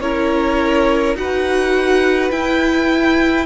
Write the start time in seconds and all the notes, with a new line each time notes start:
0.00 C#4 E4 A#4 C#5
1.15 D#4 F#4 B4 F#5
2.31 E4 G5